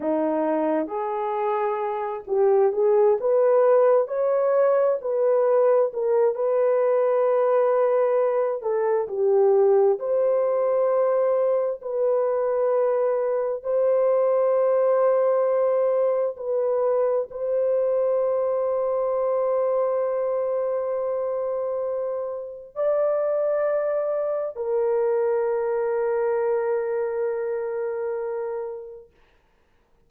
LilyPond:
\new Staff \with { instrumentName = "horn" } { \time 4/4 \tempo 4 = 66 dis'4 gis'4. g'8 gis'8 b'8~ | b'8 cis''4 b'4 ais'8 b'4~ | b'4. a'8 g'4 c''4~ | c''4 b'2 c''4~ |
c''2 b'4 c''4~ | c''1~ | c''4 d''2 ais'4~ | ais'1 | }